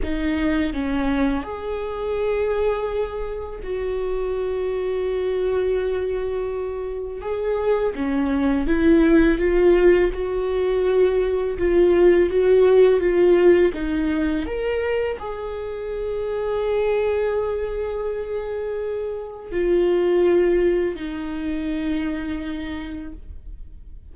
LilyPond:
\new Staff \with { instrumentName = "viola" } { \time 4/4 \tempo 4 = 83 dis'4 cis'4 gis'2~ | gis'4 fis'2.~ | fis'2 gis'4 cis'4 | e'4 f'4 fis'2 |
f'4 fis'4 f'4 dis'4 | ais'4 gis'2.~ | gis'2. f'4~ | f'4 dis'2. | }